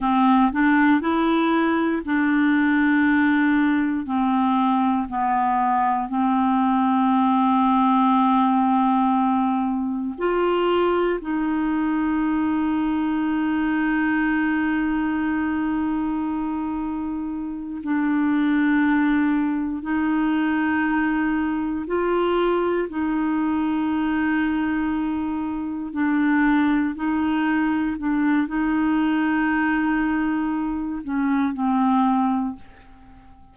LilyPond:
\new Staff \with { instrumentName = "clarinet" } { \time 4/4 \tempo 4 = 59 c'8 d'8 e'4 d'2 | c'4 b4 c'2~ | c'2 f'4 dis'4~ | dis'1~ |
dis'4. d'2 dis'8~ | dis'4. f'4 dis'4.~ | dis'4. d'4 dis'4 d'8 | dis'2~ dis'8 cis'8 c'4 | }